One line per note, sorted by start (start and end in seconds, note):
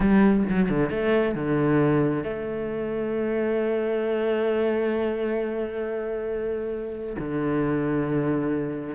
0.00 0.43 G3
0.49 0.69 F#3
0.69 0.90 D3
0.90 1.34 A3
1.35 2.23 D3
2.23 7.16 A3
7.19 8.95 D3